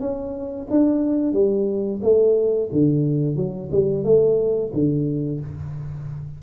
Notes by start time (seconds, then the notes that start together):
0.00 C#4
0.70 D4
1.33 G3
2.02 A3
2.72 D3
3.36 F#3
3.71 G3
4.04 A3
4.73 D3